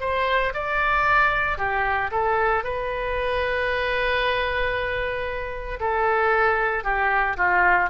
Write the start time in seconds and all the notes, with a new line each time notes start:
0.00 C5
0.54 D5
1.58 G4
2.11 A4
2.63 B4
5.79 A4
6.84 G4
7.37 F4